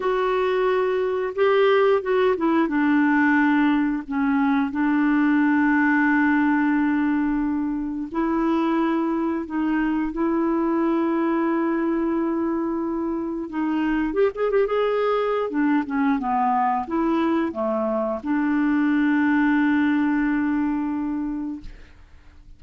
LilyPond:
\new Staff \with { instrumentName = "clarinet" } { \time 4/4 \tempo 4 = 89 fis'2 g'4 fis'8 e'8 | d'2 cis'4 d'4~ | d'1 | e'2 dis'4 e'4~ |
e'1 | dis'4 g'16 gis'16 g'16 gis'4~ gis'16 d'8 cis'8 | b4 e'4 a4 d'4~ | d'1 | }